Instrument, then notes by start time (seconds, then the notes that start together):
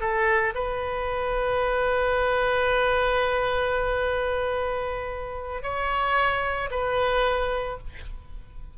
oboe
0.00 A4
0.55 B4
5.62 C#5
6.71 B4